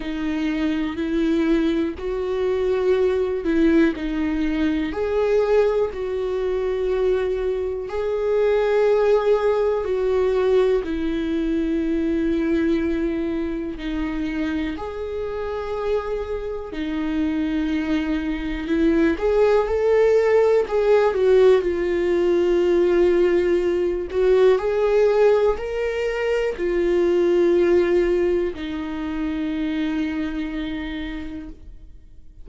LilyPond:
\new Staff \with { instrumentName = "viola" } { \time 4/4 \tempo 4 = 61 dis'4 e'4 fis'4. e'8 | dis'4 gis'4 fis'2 | gis'2 fis'4 e'4~ | e'2 dis'4 gis'4~ |
gis'4 dis'2 e'8 gis'8 | a'4 gis'8 fis'8 f'2~ | f'8 fis'8 gis'4 ais'4 f'4~ | f'4 dis'2. | }